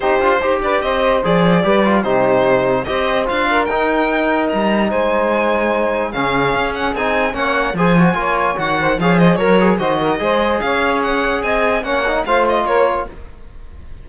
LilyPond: <<
  \new Staff \with { instrumentName = "violin" } { \time 4/4 \tempo 4 = 147 c''4. d''8 dis''4 d''4~ | d''4 c''2 dis''4 | f''4 g''2 ais''4 | gis''2. f''4~ |
f''8 fis''8 gis''4 fis''4 gis''4~ | gis''4 fis''4 f''8 dis''8 cis''4 | dis''2 f''4 fis''4 | gis''4 fis''4 f''8 dis''8 cis''4 | }
  \new Staff \with { instrumentName = "saxophone" } { \time 4/4 g'4 c''8 b'8 c''2 | b'4 g'2 c''4~ | c''8 ais'2.~ ais'8 | c''2. gis'4~ |
gis'2 cis''4 c''4 | cis''4. c''8 cis''8 c''8 ais'4 | c''8 ais'8 c''4 cis''2 | dis''4 cis''4 c''4 ais'4 | }
  \new Staff \with { instrumentName = "trombone" } { \time 4/4 dis'8 f'8 g'2 gis'4 | g'8 f'8 dis'2 g'4 | f'4 dis'2.~ | dis'2. cis'4~ |
cis'4 dis'4 cis'4 gis'8 fis'8 | f'4 fis'4 gis'4 ais'8 gis'8 | fis'4 gis'2.~ | gis'4 cis'8 dis'8 f'2 | }
  \new Staff \with { instrumentName = "cello" } { \time 4/4 c'8 d'8 dis'8 d'8 c'4 f4 | g4 c2 c'4 | d'4 dis'2 g4 | gis2. cis4 |
cis'4 c'4 ais4 f4 | ais4 dis4 f4 fis4 | dis4 gis4 cis'2 | c'4 ais4 a4 ais4 | }
>>